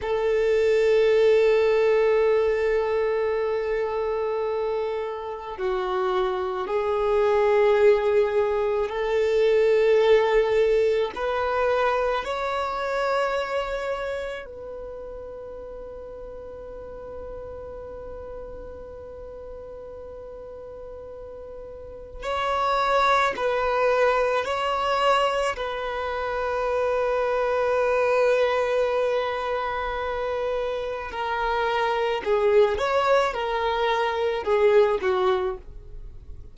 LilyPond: \new Staff \with { instrumentName = "violin" } { \time 4/4 \tempo 4 = 54 a'1~ | a'4 fis'4 gis'2 | a'2 b'4 cis''4~ | cis''4 b'2.~ |
b'1 | cis''4 b'4 cis''4 b'4~ | b'1 | ais'4 gis'8 cis''8 ais'4 gis'8 fis'8 | }